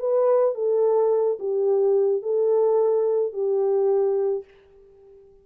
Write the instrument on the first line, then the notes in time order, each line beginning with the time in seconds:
horn
0.00 B4
0.55 A4
1.40 G4
2.23 A4
3.34 G4